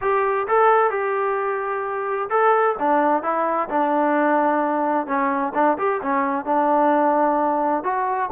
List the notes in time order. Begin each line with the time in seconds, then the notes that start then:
0.01 G4
0.47 A4
0.90 G4
2.29 A4
2.79 D4
3.22 E4
3.69 D4
5.06 C#4
5.54 D4
5.78 G4
6.02 C#4
6.45 D4
7.83 F#4